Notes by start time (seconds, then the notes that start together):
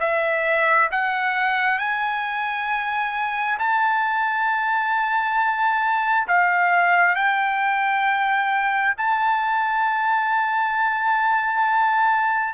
0.00 E5
0.92 F#5
1.79 G#5
3.59 A5
6.28 F5
7.16 G5
8.98 A5